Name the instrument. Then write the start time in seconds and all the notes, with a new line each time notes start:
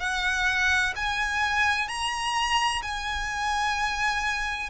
violin
0.00 F#5
0.96 G#5
1.88 A#5
2.82 G#5